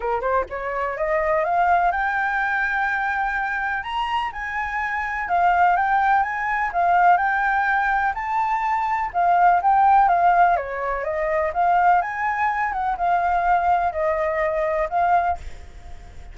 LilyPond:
\new Staff \with { instrumentName = "flute" } { \time 4/4 \tempo 4 = 125 ais'8 c''8 cis''4 dis''4 f''4 | g''1 | ais''4 gis''2 f''4 | g''4 gis''4 f''4 g''4~ |
g''4 a''2 f''4 | g''4 f''4 cis''4 dis''4 | f''4 gis''4. fis''8 f''4~ | f''4 dis''2 f''4 | }